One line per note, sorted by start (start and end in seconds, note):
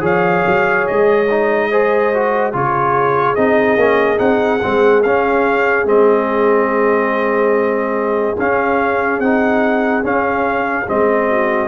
0.00 0.43 F3
0.00 1.25 G#4
0.00 1.69 C#5
0.00 0.87 F5
0.46 0.88 F#3
0.87 2.54 G#3
0.87 2.53 D#5
1.30 1.72 D#4
1.71 2.13 G#4
1.71 2.54 C5
2.14 2.53 F#4
2.53 3.37 C#3
2.53 3.36 F4
2.53 11.29 G#4
2.53 3.35 C#5
3.35 3.77 C4
3.35 3.78 D#4
3.35 4.18 D#5
3.77 4.19 A#3
3.77 4.17 C#4
4.17 4.61 C4
4.17 4.59 D#4
4.17 5.02 F#5
4.62 5.05 G#3
4.62 5.03 C4
5.03 5.85 C#4
5.03 5.86 C#4
5.03 5.86 F5
5.85 8.35 G#3
5.85 8.36 C4
5.85 8.38 D#5
8.38 9.19 C#4
8.38 9.24 C#4
8.38 9.20 F5
9.19 10.03 C4
9.19 10.03 D#4
9.19 10.03 F#5
10.03 10.86 C#4
10.03 10.87 C#4
10.03 10.89 F5
10.87 11.68 G#3
10.87 11.68 C4
10.87 11.68 D#5
11.29 11.68 F#4